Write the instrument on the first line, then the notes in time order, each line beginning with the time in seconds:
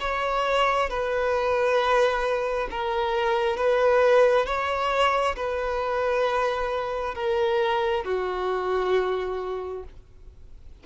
violin
0.00 C#5
0.89 B4
2.71 A#4
3.57 B4
4.46 C#5
5.36 B4
7.15 A#4
8.04 F#4